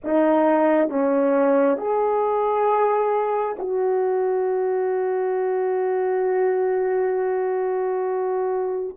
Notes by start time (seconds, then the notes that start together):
0.04 D#4
0.89 C#4
1.77 G#4
3.59 F#4